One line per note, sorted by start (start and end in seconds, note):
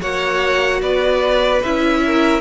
0.00 0.81 A#3
0.00 1.61 F#4
0.00 0.80 C#5
0.00 0.81 F#5
0.81 1.61 B3
0.81 2.01 B4
0.81 1.62 D5
1.62 2.41 C#4
1.62 2.41 E4
1.62 2.41 E5
2.05 2.41 A#4